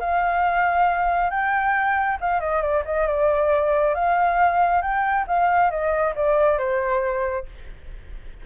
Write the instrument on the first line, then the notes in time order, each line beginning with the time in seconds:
flute
0.00 F5
1.30 G5
2.21 F5
2.40 D#5
2.62 D5
2.85 D#5
3.07 D5
3.95 F5
4.82 G5
5.27 F5
5.71 D#5
6.16 D5
6.58 C5